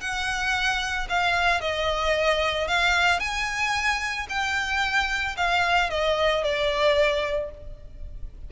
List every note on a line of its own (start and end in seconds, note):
0.00 1.07 F#5
1.09 1.60 F5
1.60 2.67 D#5
2.67 3.19 F5
3.19 4.26 G#5
4.29 5.36 G5
5.36 5.90 F5
5.90 6.43 D#5
6.43 7.50 D5